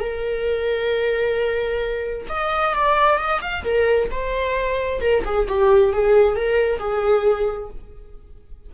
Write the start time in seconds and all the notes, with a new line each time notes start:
0.00 A#4
2.29 D#5
2.75 D5
3.18 D#5
3.41 F5
3.64 A#4
4.11 C5
5.01 A#4
5.25 G#4
5.48 G4
5.93 G#4
6.36 A#4
6.79 G#4